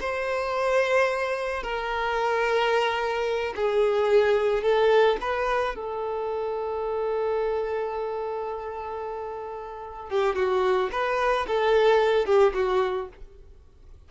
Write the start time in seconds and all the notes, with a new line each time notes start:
0.00 C5
1.63 A#4
3.56 G#4
4.62 A4
5.21 B4
5.75 A4
10.09 G4
10.35 F#4
10.91 B4
11.47 A4
12.26 G4
12.54 F#4